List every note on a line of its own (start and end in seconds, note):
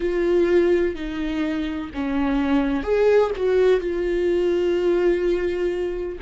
0.00 0.95 F4
0.95 1.90 D#4
1.94 2.83 C#4
2.83 3.30 G#4
3.36 3.80 F#4
3.80 6.18 F4